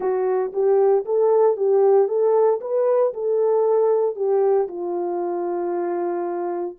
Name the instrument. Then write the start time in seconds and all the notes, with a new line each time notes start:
horn
0.00 F#4
0.52 G4
1.05 A4
1.56 G4
2.08 A4
2.60 B4
3.13 A4
4.15 G4
4.68 F4